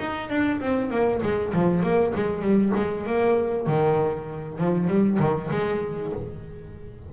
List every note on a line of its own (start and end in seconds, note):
0.00 0.30 D#4
0.30 0.61 D4
0.61 0.91 C4
0.91 1.21 A#3
1.23 1.54 G#3
1.54 1.83 F3
1.83 2.14 A#3
2.15 2.42 G#3
2.42 2.73 G3
2.76 3.07 G#3
3.07 3.67 A#3
3.67 4.59 D#3
4.59 4.88 F3
4.88 5.18 G3
5.20 5.50 D#3
5.51 6.13 G#3